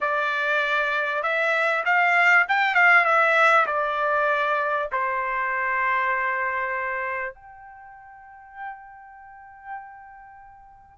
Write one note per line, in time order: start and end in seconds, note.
0.01 1.22 D5
1.22 1.84 E5
1.85 2.46 F5
2.48 2.74 G5
2.74 3.04 F5
3.04 3.65 E5
3.66 4.89 D5
4.91 7.34 C5
7.34 10.98 G5